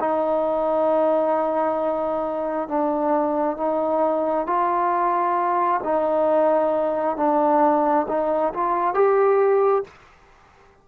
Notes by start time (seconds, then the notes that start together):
0.00 D#4
2.68 D4
3.57 D#4
4.47 F4
5.84 D#4
7.17 D4
8.08 D#4
8.54 F4
8.94 G4